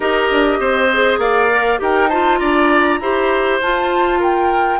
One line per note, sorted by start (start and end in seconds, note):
0.00 0.30 D#4
0.00 0.89 G4
0.00 0.58 A#4
0.00 1.19 D#5
0.30 0.59 D4
0.59 1.18 C4
0.59 1.19 C5
0.92 1.50 G#4
1.18 1.78 A#3
1.18 1.79 D5
1.18 1.79 F5
1.50 1.79 A#4
1.79 2.40 D#4
1.79 2.08 G4
1.79 2.09 A#4
1.79 2.08 G5
2.08 3.01 F4
2.08 2.39 C5
2.08 2.38 A5
2.38 3.00 D4
2.38 2.99 D5
2.38 3.58 A#5
3.00 3.60 E4
3.00 3.61 G4
3.00 4.19 C5
3.61 4.79 F4
3.61 4.21 A5
4.19 4.79 A#4
4.19 4.79 G5